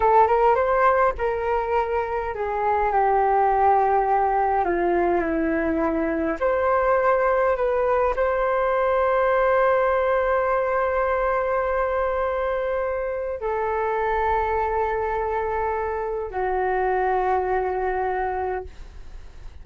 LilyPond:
\new Staff \with { instrumentName = "flute" } { \time 4/4 \tempo 4 = 103 a'8 ais'8 c''4 ais'2 | gis'4 g'2. | f'4 e'2 c''4~ | c''4 b'4 c''2~ |
c''1~ | c''2. a'4~ | a'1 | fis'1 | }